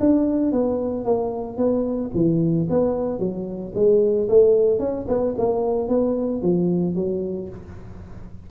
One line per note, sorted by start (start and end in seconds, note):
0.00 0.52 D4
0.52 1.05 B3
1.05 1.57 A#3
1.57 2.11 B3
2.14 2.68 E3
2.69 3.19 B3
3.19 3.73 F#3
3.75 4.28 G#3
4.29 4.79 A3
4.79 5.06 C#4
5.08 5.34 B3
5.37 5.88 A#3
5.88 6.42 B3
6.42 6.95 F3
6.95 7.49 F#3